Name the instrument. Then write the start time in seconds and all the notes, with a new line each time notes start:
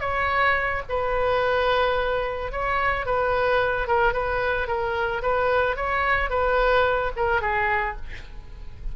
oboe
0.00 C#5
0.89 B4
2.52 C#5
3.06 B4
3.87 A#4
4.13 B4
4.67 A#4
5.22 B4
5.76 C#5
6.30 B4
7.16 A#4
7.41 G#4